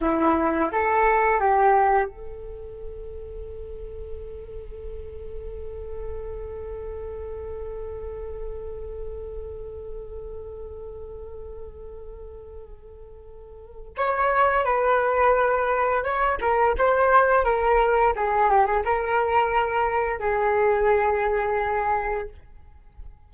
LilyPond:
\new Staff \with { instrumentName = "flute" } { \time 4/4 \tempo 4 = 86 e'4 a'4 g'4 a'4~ | a'1~ | a'1~ | a'1~ |
a'1 | cis''4 b'2 cis''8 ais'8 | c''4 ais'4 gis'8 g'16 gis'16 ais'4~ | ais'4 gis'2. | }